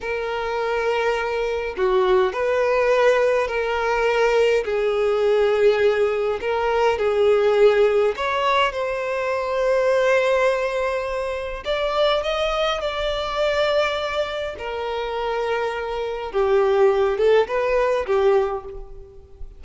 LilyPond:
\new Staff \with { instrumentName = "violin" } { \time 4/4 \tempo 4 = 103 ais'2. fis'4 | b'2 ais'2 | gis'2. ais'4 | gis'2 cis''4 c''4~ |
c''1 | d''4 dis''4 d''2~ | d''4 ais'2. | g'4. a'8 b'4 g'4 | }